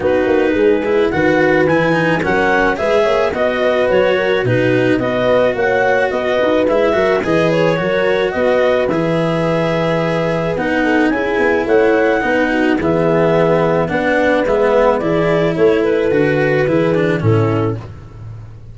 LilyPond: <<
  \new Staff \with { instrumentName = "clarinet" } { \time 4/4 \tempo 4 = 108 b'2 fis''4 gis''4 | fis''4 e''4 dis''4 cis''4 | b'4 dis''4 fis''4 dis''4 | e''4 dis''8 cis''4. dis''4 |
e''2. fis''4 | gis''4 fis''2 e''4~ | e''4 fis''4 e''4 d''4 | cis''8 b'2~ b'8 a'4 | }
  \new Staff \with { instrumentName = "horn" } { \time 4/4 fis'4 gis'4 b'2 | ais'4 b'8 cis''8 dis''8 b'4 ais'8 | fis'4 b'4 cis''4 b'4~ | b'8 ais'8 b'4 ais'4 b'4~ |
b'2.~ b'8 a'8 | gis'4 cis''4 b'8 fis'8 gis'4~ | gis'4 b'2 gis'4 | a'2 gis'4 e'4 | }
  \new Staff \with { instrumentName = "cello" } { \time 4/4 dis'4. e'8 fis'4 e'8 dis'8 | cis'4 gis'4 fis'2 | dis'4 fis'2. | e'8 fis'8 gis'4 fis'2 |
gis'2. dis'4 | e'2 dis'4 b4~ | b4 d'4 b4 e'4~ | e'4 fis'4 e'8 d'8 cis'4 | }
  \new Staff \with { instrumentName = "tuba" } { \time 4/4 b8 ais8 gis4 dis4 e4 | fis4 gis8 ais8 b4 fis4 | b,4 b4 ais4 b8 dis'8 | gis8 fis8 e4 fis4 b4 |
e2. b4 | cis'8 b8 a4 b4 e4~ | e4 b4 gis4 e4 | a4 d4 e4 a,4 | }
>>